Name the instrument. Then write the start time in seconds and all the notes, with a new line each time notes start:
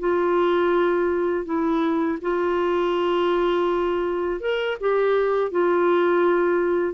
clarinet
0.00 F4
1.46 E4
2.22 F4
4.41 A#4
4.81 G4
5.52 F4